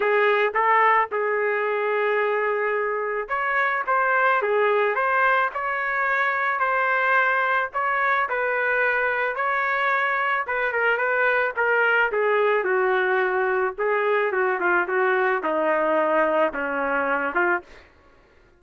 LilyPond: \new Staff \with { instrumentName = "trumpet" } { \time 4/4 \tempo 4 = 109 gis'4 a'4 gis'2~ | gis'2 cis''4 c''4 | gis'4 c''4 cis''2 | c''2 cis''4 b'4~ |
b'4 cis''2 b'8 ais'8 | b'4 ais'4 gis'4 fis'4~ | fis'4 gis'4 fis'8 f'8 fis'4 | dis'2 cis'4. f'8 | }